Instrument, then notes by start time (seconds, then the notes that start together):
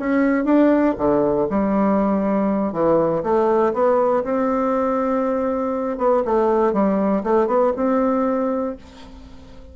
bassoon
0.00 C#4
0.45 D4
0.98 D3
1.50 G3
2.73 E3
3.24 A3
3.74 B3
4.24 C4
5.98 B3
6.26 A3
6.74 G3
7.24 A3
7.47 B3
7.77 C4